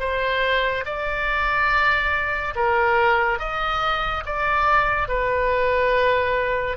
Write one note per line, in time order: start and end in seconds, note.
0.00 0.85 C5
0.85 2.54 D5
2.55 3.39 A#4
3.39 4.24 D#5
4.26 5.09 D5
5.09 6.77 B4